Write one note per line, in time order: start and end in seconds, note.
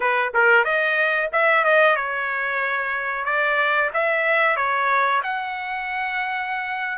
0.00 0.33 B4
0.33 0.64 A#4
0.64 1.29 D#5
1.32 1.64 E5
1.64 1.96 D#5
1.96 3.25 C#5
3.25 3.90 D5
3.93 4.56 E5
4.56 5.21 C#5
5.23 6.98 F#5